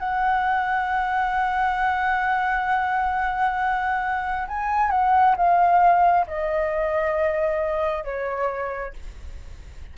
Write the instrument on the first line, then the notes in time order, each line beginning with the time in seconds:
flute
0.00 F#5
4.48 G#5
4.91 F#5
5.37 F5
6.27 D#5
8.04 C#5